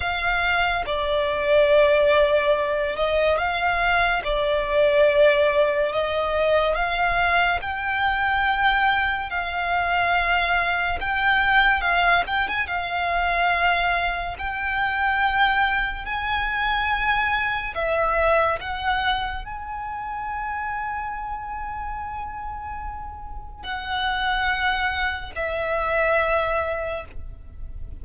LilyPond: \new Staff \with { instrumentName = "violin" } { \time 4/4 \tempo 4 = 71 f''4 d''2~ d''8 dis''8 | f''4 d''2 dis''4 | f''4 g''2 f''4~ | f''4 g''4 f''8 g''16 gis''16 f''4~ |
f''4 g''2 gis''4~ | gis''4 e''4 fis''4 gis''4~ | gis''1 | fis''2 e''2 | }